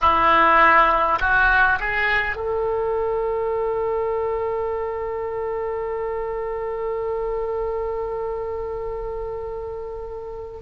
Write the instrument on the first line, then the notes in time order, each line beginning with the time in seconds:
oboe
0.01 E4
1.20 F#4
1.80 G#4
2.36 A4